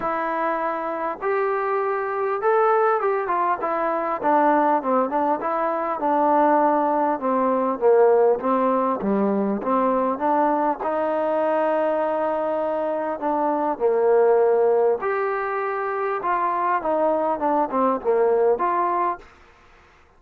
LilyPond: \new Staff \with { instrumentName = "trombone" } { \time 4/4 \tempo 4 = 100 e'2 g'2 | a'4 g'8 f'8 e'4 d'4 | c'8 d'8 e'4 d'2 | c'4 ais4 c'4 g4 |
c'4 d'4 dis'2~ | dis'2 d'4 ais4~ | ais4 g'2 f'4 | dis'4 d'8 c'8 ais4 f'4 | }